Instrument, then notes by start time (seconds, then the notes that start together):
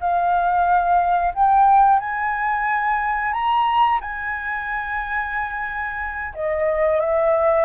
flute
0.00 F5
1.34 G5
1.99 G#5
3.32 A#5
4.00 G#5
6.34 D#5
7.00 E5